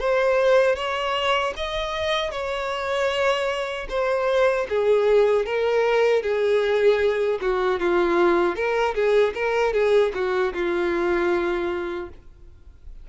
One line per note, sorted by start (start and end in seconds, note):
0.00 0.76 C5
0.76 1.54 C#5
1.57 2.32 D#5
2.32 3.87 C#5
3.89 4.67 C5
4.69 5.46 G#4
5.46 6.23 A#4
6.23 7.40 G#4
7.42 7.80 F#4
7.80 8.56 F4
8.56 8.95 A#4
8.95 9.34 G#4
9.35 9.73 A#4
9.73 10.12 G#4
10.15 10.54 F#4
10.54 12.10 F4